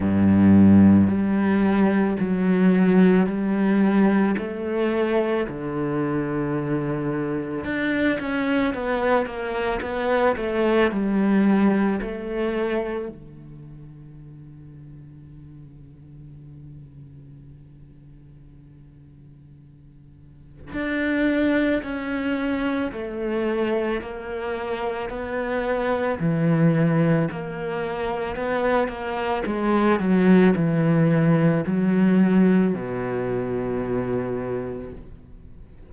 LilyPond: \new Staff \with { instrumentName = "cello" } { \time 4/4 \tempo 4 = 55 g,4 g4 fis4 g4 | a4 d2 d'8 cis'8 | b8 ais8 b8 a8 g4 a4 | d1~ |
d2. d'4 | cis'4 a4 ais4 b4 | e4 ais4 b8 ais8 gis8 fis8 | e4 fis4 b,2 | }